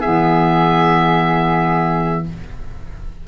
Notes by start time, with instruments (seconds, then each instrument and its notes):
0.00 tuba E3, clarinet B3, flute G#4, oboe E5